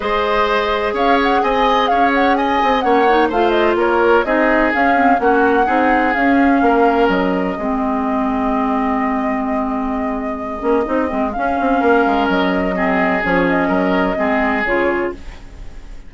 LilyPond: <<
  \new Staff \with { instrumentName = "flute" } { \time 4/4 \tempo 4 = 127 dis''2 f''8 fis''8 gis''4 | f''8 fis''8 gis''4 fis''4 f''8 dis''8 | cis''4 dis''4 f''4 fis''4~ | fis''4 f''2 dis''4~ |
dis''1~ | dis''1 | f''2 dis''2 | cis''8 dis''2~ dis''8 cis''4 | }
  \new Staff \with { instrumentName = "oboe" } { \time 4/4 c''2 cis''4 dis''4 | cis''4 dis''4 cis''4 c''4 | ais'4 gis'2 fis'4 | gis'2 ais'2 |
gis'1~ | gis'1~ | gis'4 ais'2 gis'4~ | gis'4 ais'4 gis'2 | }
  \new Staff \with { instrumentName = "clarinet" } { \time 4/4 gis'1~ | gis'2 cis'8 dis'8 f'4~ | f'4 dis'4 cis'8 c'8 cis'4 | dis'4 cis'2. |
c'1~ | c'2~ c'8 cis'8 dis'8 c'8 | cis'2. c'4 | cis'2 c'4 f'4 | }
  \new Staff \with { instrumentName = "bassoon" } { \time 4/4 gis2 cis'4 c'4 | cis'4. c'8 ais4 a4 | ais4 c'4 cis'4 ais4 | c'4 cis'4 ais4 fis4 |
gis1~ | gis2~ gis8 ais8 c'8 gis8 | cis'8 c'8 ais8 gis8 fis2 | f4 fis4 gis4 cis4 | }
>>